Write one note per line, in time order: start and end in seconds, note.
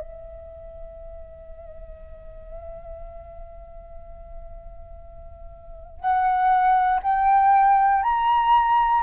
0.00 6.00 E5
6.00 7.00 F#5
7.03 8.03 G5
8.03 9.02 A#5